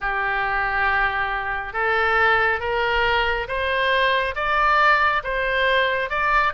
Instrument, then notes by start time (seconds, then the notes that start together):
oboe
0.00 G4
1.73 A4
2.60 A#4
3.47 C5
4.35 D5
5.23 C5
6.09 D5